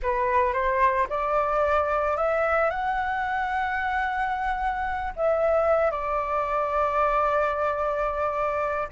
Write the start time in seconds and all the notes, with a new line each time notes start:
0.02 B4
0.53 C5
1.09 D5
2.16 E5
2.70 F#5
5.15 E5
5.91 D5